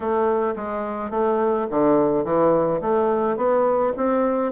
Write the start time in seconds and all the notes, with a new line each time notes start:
0.00 A3
0.56 G#3
1.10 A3
1.70 D3
2.24 E3
2.81 A3
3.36 B3
3.96 C4